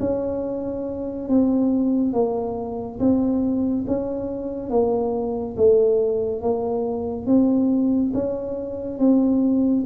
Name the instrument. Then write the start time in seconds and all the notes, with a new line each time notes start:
tuba
0.00 C#4
1.29 C4
2.14 A#3
3.00 C4
3.87 C#4
4.70 A#3
5.57 A3
6.42 A#3
7.27 C4
8.14 C#4
8.99 C4